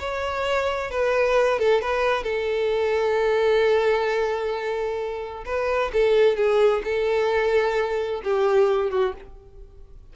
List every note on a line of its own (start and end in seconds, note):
0.00 0.91 C#5
0.91 1.59 B4
1.59 1.82 A4
1.82 2.24 B4
2.24 5.45 A4
5.46 5.92 B4
5.94 6.37 A4
6.37 6.83 G#4
6.85 8.22 A4
8.24 8.91 G4
8.91 9.14 F#4